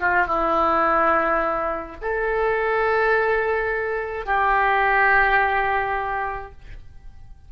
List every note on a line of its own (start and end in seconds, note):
0.00 0.27 F4
0.27 1.97 E4
2.01 4.26 A4
4.26 6.52 G4